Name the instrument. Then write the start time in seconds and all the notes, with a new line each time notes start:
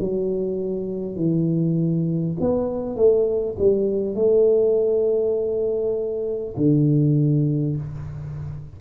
tuba
0.00 F#3
1.16 E3
2.41 B3
2.96 A3
3.59 G3
4.15 A3
6.57 D3